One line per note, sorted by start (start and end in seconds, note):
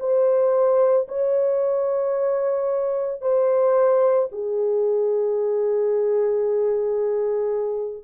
0.00 1.07 C5
1.09 3.21 C#5
3.21 4.29 C5
4.32 8.04 G#4